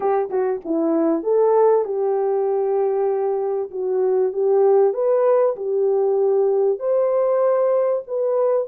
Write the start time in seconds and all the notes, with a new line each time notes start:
0.00 G4
0.30 F#4
0.64 E4
1.23 A4
1.84 G4
3.71 F#4
4.32 G4
4.93 B4
5.55 G4
6.79 C5
8.07 B4